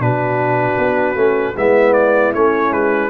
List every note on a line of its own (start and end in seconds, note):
0.00 0.78 B2
0.00 1.16 D4
0.00 1.57 F#4
0.00 1.57 B4
0.78 1.16 B3
1.16 1.55 A3
1.16 1.55 C#4
1.57 2.35 G#3
1.57 2.35 B3
1.57 3.11 E4
1.57 1.94 E5
1.94 2.33 D5
2.35 2.72 A3
2.35 3.11 C#4
2.35 2.73 C#5
2.72 3.11 G#3
2.72 3.11 B4